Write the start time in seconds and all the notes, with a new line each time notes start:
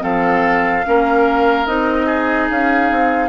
0.00 F3 C4 A4 F5
0.86 A#3 C#4 A#4
1.66 C4 D#4 D#5
2.06 G#4
2.50 C#4 F5
2.91 C4